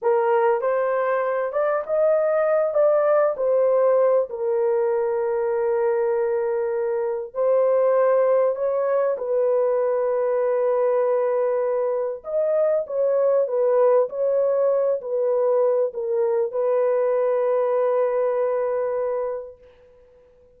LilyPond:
\new Staff \with { instrumentName = "horn" } { \time 4/4 \tempo 4 = 98 ais'4 c''4. d''8 dis''4~ | dis''8 d''4 c''4. ais'4~ | ais'1 | c''2 cis''4 b'4~ |
b'1 | dis''4 cis''4 b'4 cis''4~ | cis''8 b'4. ais'4 b'4~ | b'1 | }